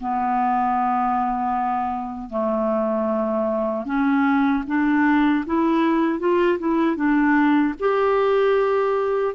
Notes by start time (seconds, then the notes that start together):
0.00 B3
2.30 A3
3.85 C#4
4.67 D4
5.46 E4
6.19 F4
6.58 E4
6.96 D4
7.79 G4